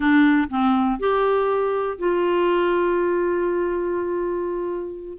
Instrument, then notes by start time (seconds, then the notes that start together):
clarinet
0.00 D4
0.50 C4
0.99 G4
1.98 F4